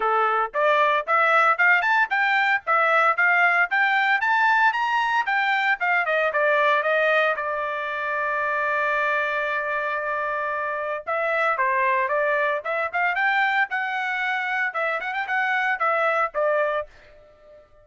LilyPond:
\new Staff \with { instrumentName = "trumpet" } { \time 4/4 \tempo 4 = 114 a'4 d''4 e''4 f''8 a''8 | g''4 e''4 f''4 g''4 | a''4 ais''4 g''4 f''8 dis''8 | d''4 dis''4 d''2~ |
d''1~ | d''4 e''4 c''4 d''4 | e''8 f''8 g''4 fis''2 | e''8 fis''16 g''16 fis''4 e''4 d''4 | }